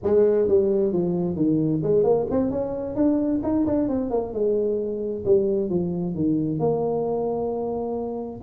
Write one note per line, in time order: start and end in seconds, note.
0.03 0.48 G#3
0.48 0.92 G3
0.92 1.36 F3
1.36 1.81 D#3
1.82 2.03 G#3
2.03 2.26 A#3
2.30 2.50 C4
2.50 2.95 C#4
2.95 3.40 D4
3.43 3.65 D#4
3.66 3.88 D4
3.88 4.10 C4
4.10 4.33 A#3
4.33 5.24 G#3
5.25 5.69 G3
5.69 6.14 F3
6.14 6.59 D#3
6.59 8.40 A#3